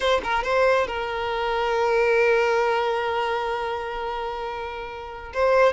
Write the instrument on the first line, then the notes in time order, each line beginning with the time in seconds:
violin
0.00 C5
0.23 A#4
0.43 C5
0.87 A#4
5.33 C5